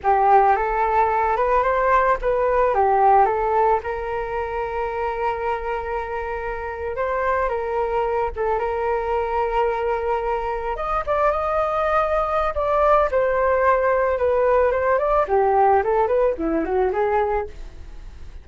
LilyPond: \new Staff \with { instrumentName = "flute" } { \time 4/4 \tempo 4 = 110 g'4 a'4. b'8 c''4 | b'4 g'4 a'4 ais'4~ | ais'1~ | ais'8. c''4 ais'4. a'8 ais'16~ |
ais'2.~ ais'8. dis''16~ | dis''16 d''8 dis''2~ dis''16 d''4 | c''2 b'4 c''8 d''8 | g'4 a'8 b'8 e'8 fis'8 gis'4 | }